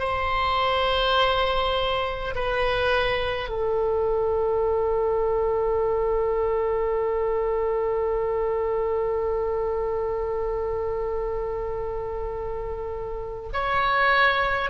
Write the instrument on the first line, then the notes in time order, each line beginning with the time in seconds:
oboe
0.00 C5
2.35 B4
3.50 A4
13.53 C#5